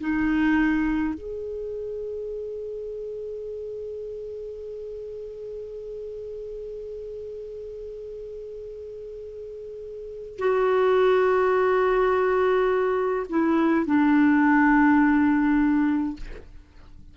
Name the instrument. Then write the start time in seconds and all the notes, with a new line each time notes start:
clarinet
0.00 D#4
1.14 G#4
10.38 F#4
13.30 E4
13.86 D4